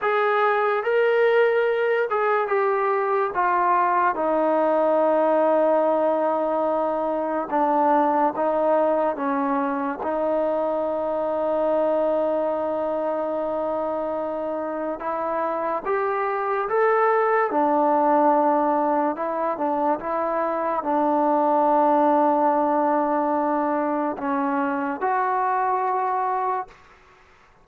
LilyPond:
\new Staff \with { instrumentName = "trombone" } { \time 4/4 \tempo 4 = 72 gis'4 ais'4. gis'8 g'4 | f'4 dis'2.~ | dis'4 d'4 dis'4 cis'4 | dis'1~ |
dis'2 e'4 g'4 | a'4 d'2 e'8 d'8 | e'4 d'2.~ | d'4 cis'4 fis'2 | }